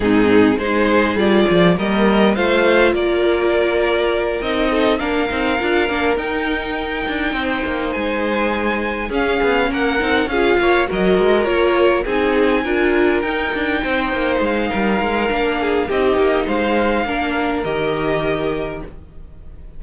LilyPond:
<<
  \new Staff \with { instrumentName = "violin" } { \time 4/4 \tempo 4 = 102 gis'4 c''4 d''4 dis''4 | f''4 d''2~ d''8 dis''8~ | dis''8 f''2 g''4.~ | g''4. gis''2 f''8~ |
f''8 fis''4 f''4 dis''4 cis''8~ | cis''8 gis''2 g''4.~ | g''8 f''2~ f''8 dis''4 | f''2 dis''2 | }
  \new Staff \with { instrumentName = "violin" } { \time 4/4 dis'4 gis'2 ais'4 | c''4 ais'2. | a'8 ais'2.~ ais'8~ | ais'8 c''2. gis'8~ |
gis'8 ais'4 gis'8 cis''8 ais'4.~ | ais'8 gis'4 ais'2 c''8~ | c''4 ais'4. gis'8 g'4 | c''4 ais'2. | }
  \new Staff \with { instrumentName = "viola" } { \time 4/4 c'4 dis'4 f'4 ais4 | f'2.~ f'8 dis'8~ | dis'8 d'8 dis'8 f'8 d'8 dis'4.~ | dis'2.~ dis'8 cis'8~ |
cis'4 dis'8 f'4 fis'4 f'8~ | f'8 dis'4 f'4 dis'4.~ | dis'2 d'4 dis'4~ | dis'4 d'4 g'2 | }
  \new Staff \with { instrumentName = "cello" } { \time 4/4 gis,4 gis4 g8 f8 g4 | a4 ais2~ ais8 c'8~ | c'8 ais8 c'8 d'8 ais8 dis'4. | d'8 c'8 ais8 gis2 cis'8 |
b8 ais8 c'8 cis'8 ais8 fis8 gis8 ais8~ | ais8 c'4 d'4 dis'8 d'8 c'8 | ais8 gis8 g8 gis8 ais4 c'8 ais8 | gis4 ais4 dis2 | }
>>